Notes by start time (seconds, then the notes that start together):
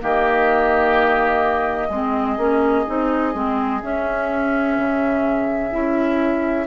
0.00 D#3 A#3 G4 D#5
1.88 G#3 C4 G#4
2.38 A#3 C#4
2.86 C4 D#4
3.34 G#3 C4
3.83 C#4 E5
4.78 C#3
5.71 C#4 E4